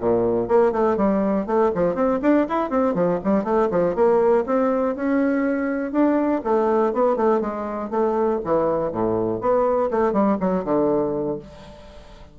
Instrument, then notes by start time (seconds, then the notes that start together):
bassoon
0.00 A#2
0.48 A#3
0.72 A3
0.97 G3
1.47 A3
1.75 F3
1.95 C4
2.22 D4
2.49 E4
2.70 C4
2.94 F3
3.24 G3
3.44 A3
3.71 F3
3.95 A#3
4.46 C4
4.96 C#4
5.92 D4
6.44 A3
6.93 B3
7.17 A3
7.41 G#3
7.91 A3
8.45 E3
8.92 A2
9.41 B3
9.91 A3
10.13 G3
10.40 F#3
10.65 D3